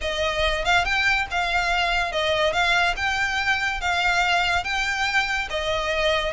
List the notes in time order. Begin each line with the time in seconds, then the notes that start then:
0.01 D#5
0.65 F5
0.84 G5
1.30 F5
2.11 D#5
2.52 F5
2.96 G5
3.80 F5
4.63 G5
5.49 D#5